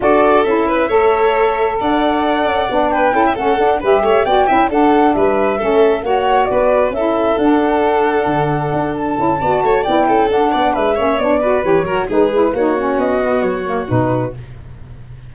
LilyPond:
<<
  \new Staff \with { instrumentName = "flute" } { \time 4/4 \tempo 4 = 134 d''4 e''2. | fis''2~ fis''8 g''4 fis''8~ | fis''8 e''4 g''4 fis''4 e''8~ | e''4. fis''4 d''4 e''8~ |
e''8 fis''2.~ fis''8 | a''2 g''4 fis''4 | e''4 d''4 cis''4 b'4 | cis''4 dis''4 cis''4 b'4 | }
  \new Staff \with { instrumentName = "violin" } { \time 4/4 a'4. b'8 cis''2 | d''2~ d''8 b'8 a'16 e''16 a'8~ | a'8 b'8 cis''8 d''8 e''8 a'4 b'8~ | b'8 a'4 cis''4 b'4 a'8~ |
a'1~ | a'4 d''8 cis''8 d''8 a'4 d''8 | b'8 cis''4 b'4 ais'8 gis'4 | fis'1 | }
  \new Staff \with { instrumentName = "saxophone" } { \time 4/4 fis'4 e'4 a'2~ | a'2 d'4 e'8 cis'8 | d'8 g'4 fis'8 e'8 d'4.~ | d'8 cis'4 fis'2 e'8~ |
e'8 d'2.~ d'8~ | d'8 e'8 fis'4 e'4 d'4~ | d'8 cis'8 d'8 fis'8 g'8 fis'8 dis'8 e'8 | dis'8 cis'4 b4 ais8 dis'4 | }
  \new Staff \with { instrumentName = "tuba" } { \time 4/4 d'4 cis'4 a2 | d'4. cis'8 b4 cis'8 a8 | d'8 g8 a8 b8 cis'8 d'4 g8~ | g8 a4 ais4 b4 cis'8~ |
cis'8 d'2 d4 d'8~ | d'8 cis'8 b8 a8 b8 cis'8 d'8 b8 | gis8 ais8 b4 e8 fis8 gis4 | ais4 b4 fis4 b,4 | }
>>